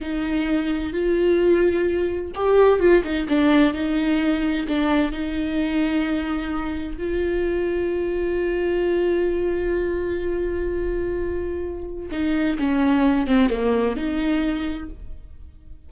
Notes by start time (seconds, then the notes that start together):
0.00 D#4
0.92 F4
2.35 G4
2.79 F4
3.03 D#4
3.28 D4
3.73 D#4
4.67 D4
5.11 D#4
6.97 F4
12.11 D#4
12.58 C#4
13.26 C4
13.49 A#3
13.96 D#4